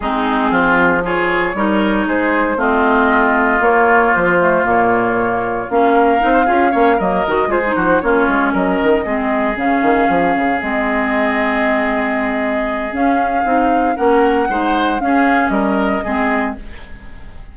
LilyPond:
<<
  \new Staff \with { instrumentName = "flute" } { \time 4/4 \tempo 4 = 116 gis'2 cis''2 | c''4 dis''2 cis''4 | c''4 cis''2 f''4~ | f''4. dis''4 c''4 cis''8~ |
cis''8 dis''2 f''4.~ | f''8 dis''2.~ dis''8~ | dis''4 f''2 fis''4~ | fis''4 f''4 dis''2 | }
  \new Staff \with { instrumentName = "oboe" } { \time 4/4 dis'4 f'4 gis'4 ais'4 | gis'4 f'2.~ | f'2.~ f'8 ais'8~ | ais'16 c''16 gis'8 cis''8 ais'4 gis'8 fis'8 f'8~ |
f'8 ais'4 gis'2~ gis'8~ | gis'1~ | gis'2. ais'4 | c''4 gis'4 ais'4 gis'4 | }
  \new Staff \with { instrumentName = "clarinet" } { \time 4/4 c'2 f'4 dis'4~ | dis'4 c'2 ais4~ | ais8 a8 ais2 cis'4 | dis'8 f'8 cis'8 ais8 fis'8 f'16 dis'8. cis'8~ |
cis'4. c'4 cis'4.~ | cis'8 c'2.~ c'8~ | c'4 cis'4 dis'4 cis'4 | dis'4 cis'2 c'4 | }
  \new Staff \with { instrumentName = "bassoon" } { \time 4/4 gis4 f2 g4 | gis4 a2 ais4 | f4 ais,2 ais4 | c'8 cis'8 ais8 fis8 dis8 gis8 f8 ais8 |
gis8 fis8 dis8 gis4 cis8 dis8 f8 | cis8 gis2.~ gis8~ | gis4 cis'4 c'4 ais4 | gis4 cis'4 g4 gis4 | }
>>